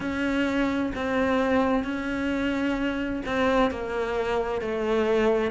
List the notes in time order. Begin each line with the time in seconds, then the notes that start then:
0.00 C#4
0.94 C4
1.83 C#4
3.26 C4
3.70 A#3
4.61 A3